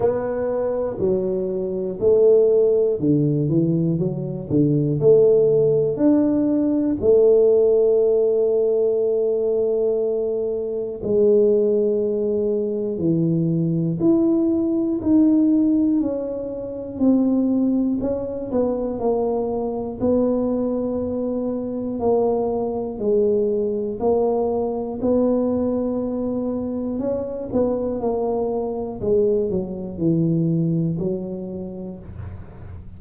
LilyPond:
\new Staff \with { instrumentName = "tuba" } { \time 4/4 \tempo 4 = 60 b4 fis4 a4 d8 e8 | fis8 d8 a4 d'4 a4~ | a2. gis4~ | gis4 e4 e'4 dis'4 |
cis'4 c'4 cis'8 b8 ais4 | b2 ais4 gis4 | ais4 b2 cis'8 b8 | ais4 gis8 fis8 e4 fis4 | }